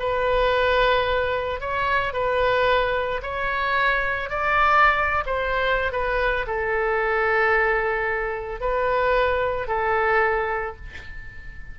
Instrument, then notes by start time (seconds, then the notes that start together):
oboe
0.00 B4
1.60 C#5
2.14 B4
3.23 C#5
4.30 D5
5.26 C5
5.92 B4
6.47 A4
8.61 B4
9.68 A4